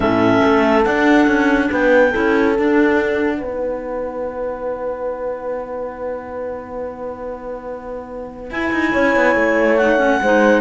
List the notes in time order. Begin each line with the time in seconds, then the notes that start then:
0.00 A2 C#4 A4 E5
0.43 A3
0.83 D4 F#5
1.26 C#4
1.70 B3 B4 G5
2.11 C#4 E4 A4
2.55 D4 F#5
3.37 B3 D#4 B4
8.50 E4 G#5
8.72 D#4
8.91 C#4 C#5
9.15 B3
9.35 A3
9.77 D#4 F#5
9.98 C#4
10.21 G#3 D#4 C5